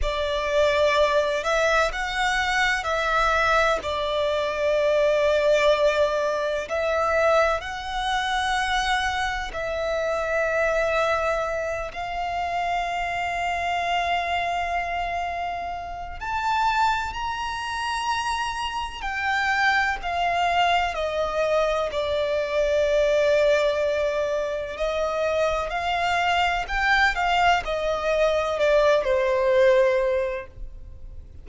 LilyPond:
\new Staff \with { instrumentName = "violin" } { \time 4/4 \tempo 4 = 63 d''4. e''8 fis''4 e''4 | d''2. e''4 | fis''2 e''2~ | e''8 f''2.~ f''8~ |
f''4 a''4 ais''2 | g''4 f''4 dis''4 d''4~ | d''2 dis''4 f''4 | g''8 f''8 dis''4 d''8 c''4. | }